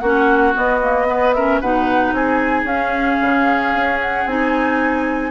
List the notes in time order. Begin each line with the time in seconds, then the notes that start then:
0.00 A#3 C#4 F#4 F#5
0.54 B3 D#5
0.82 A#3
1.07 B3 B4
1.34 C#4 A#4 E5
1.61 B2 D#4 B4 F#5
2.13 C4 G#4 G#5
2.64 C#4 F5
3.21 C#3
3.74 C#4
4.02 F#5
4.26 C4 D#4 G#5